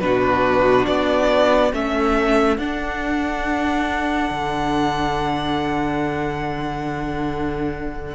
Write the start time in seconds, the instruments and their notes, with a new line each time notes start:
0.00 cello B2, viola D4, violin F#4 B4
0.86 cello B3, violin D5
1.72 cello A3, viola C#4, violin A4 E5
2.57 cello D4, viola D4, violin F#5
4.30 cello D3